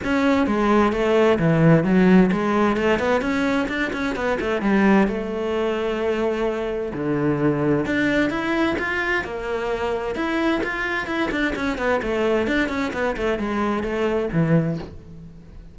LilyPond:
\new Staff \with { instrumentName = "cello" } { \time 4/4 \tempo 4 = 130 cis'4 gis4 a4 e4 | fis4 gis4 a8 b8 cis'4 | d'8 cis'8 b8 a8 g4 a4~ | a2. d4~ |
d4 d'4 e'4 f'4 | ais2 e'4 f'4 | e'8 d'8 cis'8 b8 a4 d'8 cis'8 | b8 a8 gis4 a4 e4 | }